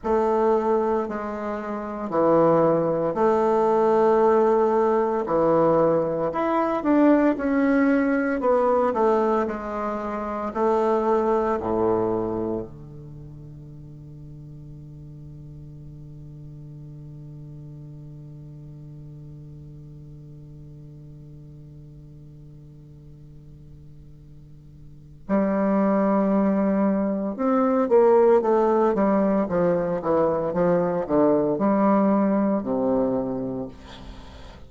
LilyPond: \new Staff \with { instrumentName = "bassoon" } { \time 4/4 \tempo 4 = 57 a4 gis4 e4 a4~ | a4 e4 e'8 d'8 cis'4 | b8 a8 gis4 a4 a,4 | d1~ |
d1~ | d1 | g2 c'8 ais8 a8 g8 | f8 e8 f8 d8 g4 c4 | }